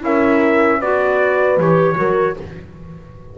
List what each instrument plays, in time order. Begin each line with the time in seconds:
0.00 double bass C#4, clarinet E4, horn A#4, trumpet E5
0.79 double bass B3, clarinet F#4, horn B4, trumpet D5
1.57 double bass E3, clarinet G4, trumpet C#5
1.94 double bass F#3, clarinet F#4, horn A#4